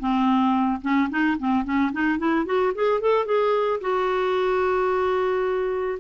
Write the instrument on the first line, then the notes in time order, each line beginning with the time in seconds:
clarinet
0.00 C4
0.82 C#4
1.10 D#4
1.39 C4
1.65 C#4
1.93 D#4
2.19 E4
2.46 F#4
2.75 G#4
3.01 A4
3.26 G#4
3.81 F#4